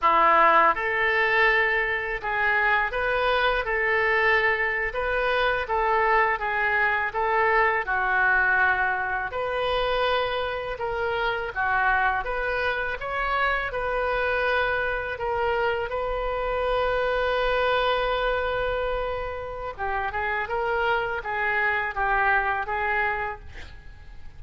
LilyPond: \new Staff \with { instrumentName = "oboe" } { \time 4/4 \tempo 4 = 82 e'4 a'2 gis'4 | b'4 a'4.~ a'16 b'4 a'16~ | a'8. gis'4 a'4 fis'4~ fis'16~ | fis'8. b'2 ais'4 fis'16~ |
fis'8. b'4 cis''4 b'4~ b'16~ | b'8. ais'4 b'2~ b'16~ | b'2. g'8 gis'8 | ais'4 gis'4 g'4 gis'4 | }